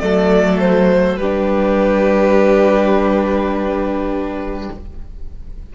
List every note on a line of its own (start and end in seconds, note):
0.00 1.17 F#3
0.00 1.19 A3
0.00 1.20 A4
0.00 0.59 D5
0.60 1.17 C5
1.17 4.70 G3
1.17 4.75 D4
1.17 4.73 G4
1.17 4.70 B4